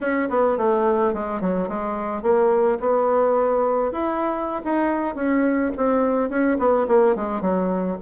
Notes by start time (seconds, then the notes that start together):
0.01 C#4
0.29 B3
0.57 A3
1.13 G#3
1.40 F#3
1.68 G#3
2.22 A#3
2.80 B3
3.92 E4
4.64 D#4
5.15 C#4
5.76 C4
6.29 C#4
6.59 B3
6.87 A#3
7.15 G#3
7.41 F#3